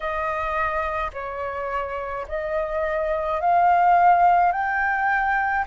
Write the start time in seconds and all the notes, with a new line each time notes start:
0.00 D#5
1.13 C#5
2.27 D#5
3.40 F5
4.51 G5